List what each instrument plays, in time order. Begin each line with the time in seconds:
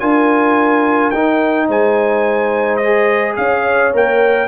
0.00 tuba D4, trombone F4, horn A#4, trumpet G#5
1.11 tuba D#4, trombone D#4, trumpet G5
1.68 tuba G#3, horn C5, trumpet G#5
2.77 trumpet D#5
2.84 trombone G#4
3.37 tuba C#4, horn C#5, trumpet F5
3.94 tuba A#3, trombone A#4, trumpet G5